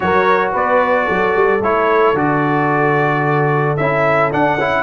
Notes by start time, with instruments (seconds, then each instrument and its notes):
0.00 tuba F#3, trombone F#4, horn A#4, trumpet C#5
0.53 tuba B3, horn B4, trumpet D5
1.05 tuba F#3, horn A4
1.35 tuba G3
1.60 tuba A3, trombone E4, trumpet C#5
2.14 tuba D3, trombone F#4, trumpet D5
3.76 tuba C#4, trombone E4, trumpet E5
4.31 trombone D4, tuba D4, trumpet F#5
4.56 tuba C#4, trombone E4